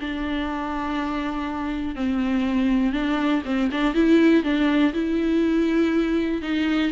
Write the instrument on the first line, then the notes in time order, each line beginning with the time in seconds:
viola
0.00 D4
1.95 C4
2.93 D4
3.45 C4
3.71 D4
3.94 E4
4.44 D4
4.93 E4
6.42 D#4